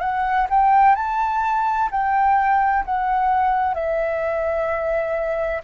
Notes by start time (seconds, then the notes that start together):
0.00 F#5
0.49 G5
0.95 A5
1.90 G5
2.85 F#5
3.74 E5